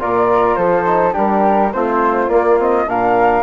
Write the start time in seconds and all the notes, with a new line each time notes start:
0.00 A#2 F4 A#4 D5
0.55 F3 A4 C5
0.86 D#4
1.12 G3 D4 G4 A#4
1.73 A3 C4 F4 C5
2.28 A#3 D5
2.58 C4 D#5
2.86 A#2 D4 A#4 F5